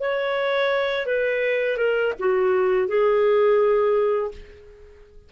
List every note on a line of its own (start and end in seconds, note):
0.00 1.06 C#5
1.06 1.77 B4
1.77 2.13 A#4
2.19 2.88 F#4
2.88 4.31 G#4